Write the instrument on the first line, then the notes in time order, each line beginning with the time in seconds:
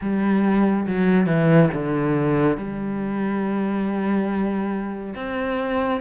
cello
0.01 G3
0.86 F#3
1.26 E3
1.73 D3
2.57 G3
5.15 C4